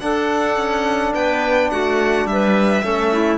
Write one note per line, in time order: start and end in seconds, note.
0.00 2.83 D4
0.00 0.57 D4
0.00 1.14 A4
0.00 1.13 F#5
0.57 1.13 C#4
1.14 1.72 B3
1.14 1.70 B4
1.14 1.71 G5
1.71 2.25 A3
1.71 2.28 F#4
1.71 2.27 F#5
2.25 2.82 G3
2.25 3.38 E5
2.32 2.85 B4
2.83 3.38 A3
2.83 3.38 C#4
2.83 3.13 A4
3.13 3.38 E4